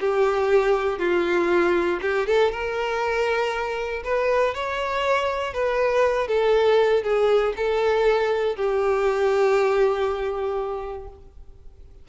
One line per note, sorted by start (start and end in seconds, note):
0.00 0.98 G4
0.98 1.99 F4
2.01 2.26 G4
2.27 2.51 A4
2.51 4.03 A#4
4.04 4.54 B4
4.54 5.53 C#5
5.53 6.27 B4
6.27 7.03 A4
7.03 7.54 G#4
7.56 8.56 A4
8.56 11.08 G4